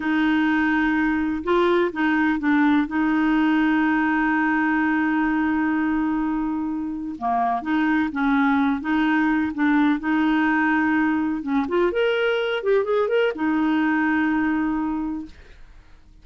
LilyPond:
\new Staff \with { instrumentName = "clarinet" } { \time 4/4 \tempo 4 = 126 dis'2. f'4 | dis'4 d'4 dis'2~ | dis'1~ | dis'2. ais4 |
dis'4 cis'4. dis'4. | d'4 dis'2. | cis'8 f'8 ais'4. g'8 gis'8 ais'8 | dis'1 | }